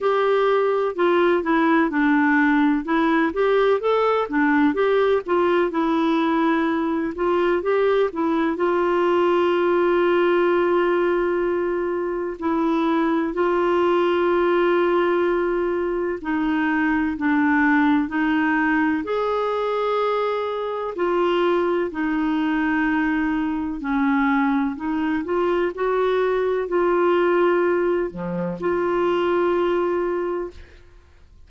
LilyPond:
\new Staff \with { instrumentName = "clarinet" } { \time 4/4 \tempo 4 = 63 g'4 f'8 e'8 d'4 e'8 g'8 | a'8 d'8 g'8 f'8 e'4. f'8 | g'8 e'8 f'2.~ | f'4 e'4 f'2~ |
f'4 dis'4 d'4 dis'4 | gis'2 f'4 dis'4~ | dis'4 cis'4 dis'8 f'8 fis'4 | f'4. f8 f'2 | }